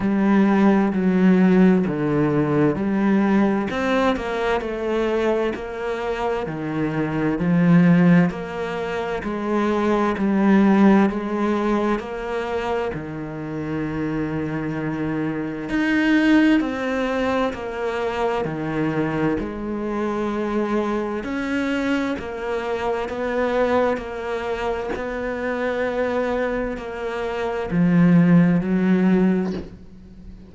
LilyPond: \new Staff \with { instrumentName = "cello" } { \time 4/4 \tempo 4 = 65 g4 fis4 d4 g4 | c'8 ais8 a4 ais4 dis4 | f4 ais4 gis4 g4 | gis4 ais4 dis2~ |
dis4 dis'4 c'4 ais4 | dis4 gis2 cis'4 | ais4 b4 ais4 b4~ | b4 ais4 f4 fis4 | }